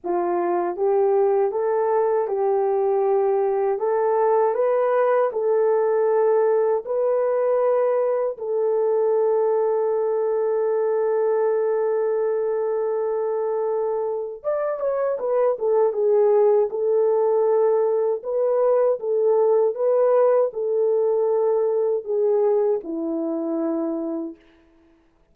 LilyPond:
\new Staff \with { instrumentName = "horn" } { \time 4/4 \tempo 4 = 79 f'4 g'4 a'4 g'4~ | g'4 a'4 b'4 a'4~ | a'4 b'2 a'4~ | a'1~ |
a'2. d''8 cis''8 | b'8 a'8 gis'4 a'2 | b'4 a'4 b'4 a'4~ | a'4 gis'4 e'2 | }